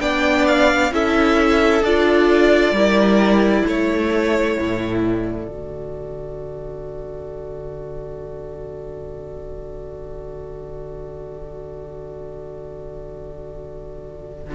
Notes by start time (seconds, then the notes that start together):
0.00 B3 D4 D5 G5
0.47 F5
0.91 C#4 E4 A4 E5
1.82 D4 F4 D5
2.72 G3 E4 A#4
3.63 A3 A4 C#5
4.59 A2
5.01 D5
5.48 D3 F#4